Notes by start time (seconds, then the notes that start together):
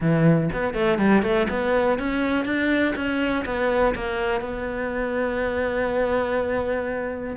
0.00 E3
0.52 B3
0.74 A3
0.98 G3
1.22 A3
1.49 B3
1.98 C#4
2.45 D4
2.95 C#4
3.45 B3
3.95 A#3
4.41 B3